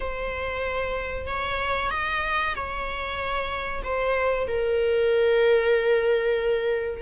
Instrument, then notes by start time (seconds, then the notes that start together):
viola
0.00 C5
1.27 C#5
1.90 D#5
2.55 C#5
3.83 C5
4.47 A#4